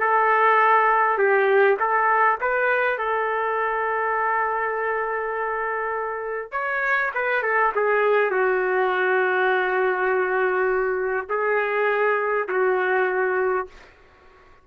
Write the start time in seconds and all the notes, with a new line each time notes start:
0.00 A4
1.19 G4
1.80 A4
2.41 B4
2.98 A4
6.52 C#5
7.15 B4
7.43 A4
7.75 G#4
8.31 F#4
11.30 G#4
12.49 F#4